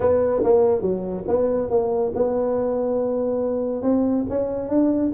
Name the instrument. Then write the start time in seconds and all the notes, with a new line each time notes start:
tuba
0.00 B3
0.43 A#3
0.81 F#3
1.27 B3
1.69 A#3
2.15 B3
3.82 C4
4.29 C#4
4.68 D4